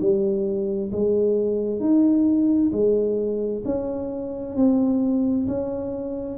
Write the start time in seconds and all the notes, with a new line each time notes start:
0.00 G3
0.92 G#3
1.80 D#4
2.72 G#3
3.65 C#4
4.56 C4
5.48 C#4